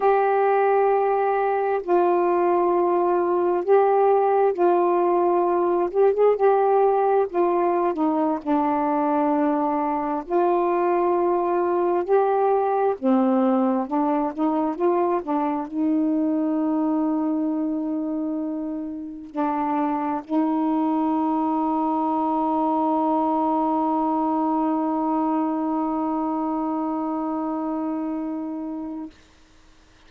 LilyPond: \new Staff \with { instrumentName = "saxophone" } { \time 4/4 \tempo 4 = 66 g'2 f'2 | g'4 f'4. g'16 gis'16 g'4 | f'8. dis'8 d'2 f'8.~ | f'4~ f'16 g'4 c'4 d'8 dis'16~ |
dis'16 f'8 d'8 dis'2~ dis'8.~ | dis'4~ dis'16 d'4 dis'4.~ dis'16~ | dis'1~ | dis'1 | }